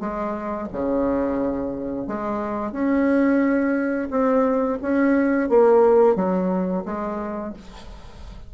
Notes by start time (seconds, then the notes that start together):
0.00 G#3
0.73 C#3
2.07 G#3
2.72 C#4
4.10 C4
4.82 C#4
5.49 A#3
6.15 F#3
6.85 G#3